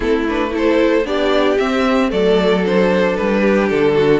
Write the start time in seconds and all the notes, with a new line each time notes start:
0.00 A3 C4 E4 A4
0.28 D4 B4
0.50 E4 A4
0.57 C5
1.04 B3 D4 G4 D5
1.57 C4 E5
2.09 F#3 A3 A4 D5
2.65 D4 C5
3.16 G3 B4
3.40 G4
3.69 D3 A4
3.94 F#4